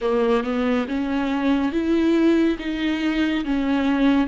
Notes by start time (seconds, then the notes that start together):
0.01 A#3
0.43 B3
0.88 C#4
1.71 E4
2.58 D#4
3.44 C#4